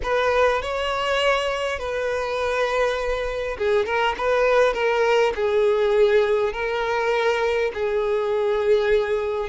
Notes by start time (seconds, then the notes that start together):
0.02 B4
0.62 C#5
1.79 B4
3.58 G#4
3.85 A#4
4.17 B4
4.73 A#4
5.35 G#4
6.52 A#4
7.74 G#4